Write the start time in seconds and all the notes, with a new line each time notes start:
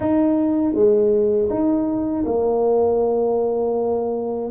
0.00 D#4
0.74 G#3
1.49 D#4
2.25 A#3